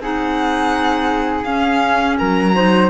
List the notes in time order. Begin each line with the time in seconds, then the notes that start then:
0.00 C4 D#4 G#4 F#5
1.45 C#4 F5
2.19 F#3 A#4 A#5
2.55 D#4 C5